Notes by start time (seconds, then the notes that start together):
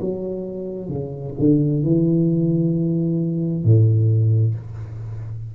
0.00 F#3
0.88 C#3
1.38 D3
1.83 E3
3.64 A2